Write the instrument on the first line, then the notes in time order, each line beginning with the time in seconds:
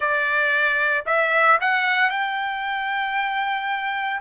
trumpet
0.00 D5
1.05 E5
1.61 F#5
2.10 G5